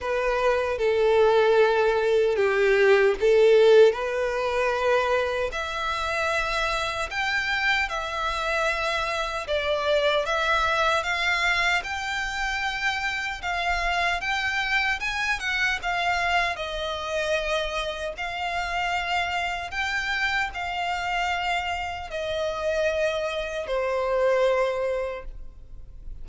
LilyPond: \new Staff \with { instrumentName = "violin" } { \time 4/4 \tempo 4 = 76 b'4 a'2 g'4 | a'4 b'2 e''4~ | e''4 g''4 e''2 | d''4 e''4 f''4 g''4~ |
g''4 f''4 g''4 gis''8 fis''8 | f''4 dis''2 f''4~ | f''4 g''4 f''2 | dis''2 c''2 | }